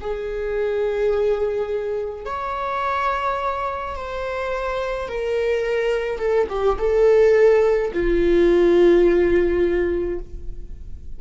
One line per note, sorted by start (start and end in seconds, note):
0.00 2.25 G#4
2.25 3.95 C#5
3.95 5.08 C5
5.08 6.19 A#4
6.19 6.47 A4
6.49 6.77 G4
6.78 7.91 A4
7.93 10.19 F4